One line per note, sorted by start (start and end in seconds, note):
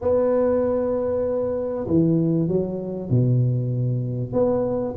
0.01 1.86 B3
1.87 2.48 E3
2.48 3.10 F#3
3.10 4.32 B2
4.32 4.94 B3